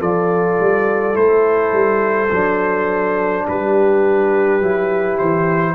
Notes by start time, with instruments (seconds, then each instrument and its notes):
0.00 tuba F3, trombone F4, horn A4, trumpet D5
0.60 tuba G3
1.14 tuba A3, trombone E4, trumpet C5
1.73 tuba G3
2.32 tuba F#3, trombone D4
3.47 tuba G3, horn G4, trumpet B4
4.61 tuba F#3, trombone E4
5.19 tuba E3, trumpet C5